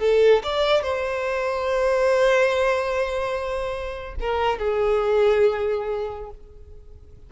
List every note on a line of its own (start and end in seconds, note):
0.00 0.43 A4
0.44 0.83 D5
0.83 4.15 C5
4.20 4.59 A#4
4.59 6.31 G#4